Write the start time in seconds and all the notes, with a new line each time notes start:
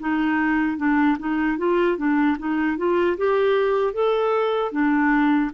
0.00 D#4
0.78 D4
1.19 D#4
1.58 F4
1.97 D4
2.39 D#4
2.77 F4
3.17 G4
3.94 A4
4.72 D4